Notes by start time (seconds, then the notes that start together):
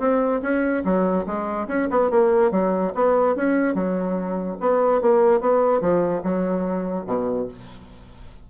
0.00 C4
0.43 C#4
0.85 F#3
1.27 G#3
1.68 C#4
1.91 B3
2.11 A#3
2.52 F#3
2.95 B3
3.36 C#4
3.75 F#3
4.61 B3
5.02 A#3
5.41 B3
5.81 F3
6.24 F#3
7.07 B2